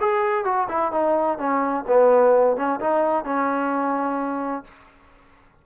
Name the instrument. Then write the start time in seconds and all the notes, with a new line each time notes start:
trombone
0.00 G#4
0.45 F#4
0.69 E4
0.92 D#4
1.38 C#4
1.87 B3
2.56 C#4
2.80 D#4
3.25 C#4